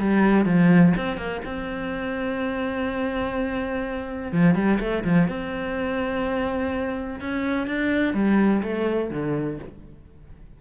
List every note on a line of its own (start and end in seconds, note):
0.00 0.46 G3
0.46 0.94 F3
0.97 1.17 C4
1.17 1.41 A#3
1.45 4.32 C4
4.32 4.55 F3
4.55 4.79 G3
4.80 5.04 A3
5.04 5.28 F3
5.28 7.20 C4
7.20 7.67 C#4
7.67 8.14 D4
8.14 8.62 G3
8.63 9.11 A3
9.11 9.59 D3